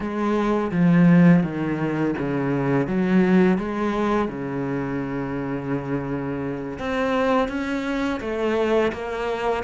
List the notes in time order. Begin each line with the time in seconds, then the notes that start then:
0.00 G#3
0.71 F3
1.43 D#3
2.18 C#3
2.87 F#3
3.58 G#3
4.28 C#3
6.79 C4
7.48 C#4
8.20 A3
8.92 A#3